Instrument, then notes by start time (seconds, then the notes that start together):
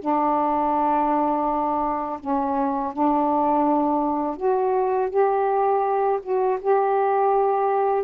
saxophone
0.00 D4
2.20 C#4
2.93 D4
4.37 F#4
5.10 G4
6.23 F#4
6.61 G4